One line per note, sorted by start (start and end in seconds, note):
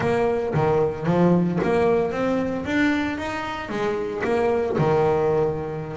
0.00 0.53 A#3
0.54 1.06 D#3
1.06 1.59 F3
1.63 2.11 A#3
2.11 2.64 C4
2.65 3.18 D4
3.18 3.69 D#4
3.69 4.22 G#3
4.23 4.76 A#3
4.78 5.97 D#3